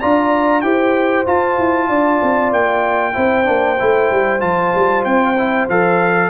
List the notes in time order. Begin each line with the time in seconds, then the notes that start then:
0.00 D4 F4 D5 A#5
0.61 E4 G4 C5 G5
1.26 F4 A5
1.59 E4
1.89 D4 D5
2.23 C4
2.52 A#3 G5
3.14 C4 E4 C5
3.45 A#3 D4
3.79 A3 E4
4.11 G3
4.40 F3 F4 A5
4.75 G3
5.05 C4 G5
5.38 E4
5.69 F3 A4 F5